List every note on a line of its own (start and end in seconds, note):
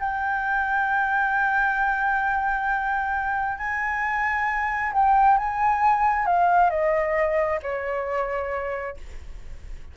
0.00 3.58 G5
3.58 4.93 G#5
4.93 5.38 G5
5.38 6.26 G#5
6.26 6.70 F5
6.70 7.60 D#5
7.63 8.97 C#5